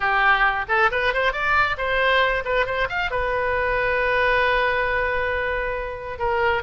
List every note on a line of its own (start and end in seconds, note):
0.00 0.65 G4
0.68 0.90 A4
0.91 1.13 B4
1.13 1.32 C5
1.32 1.76 D5
1.77 2.43 C5
2.44 2.66 B4
2.66 2.88 C5
2.89 3.10 F5
3.10 6.18 B4
6.18 6.62 A#4